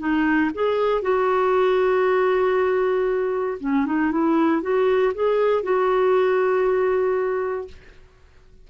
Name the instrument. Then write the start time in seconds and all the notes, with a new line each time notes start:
clarinet
0.00 D#4
0.55 G#4
1.02 F#4
3.61 C#4
3.86 D#4
4.12 E4
4.62 F#4
5.14 G#4
5.63 F#4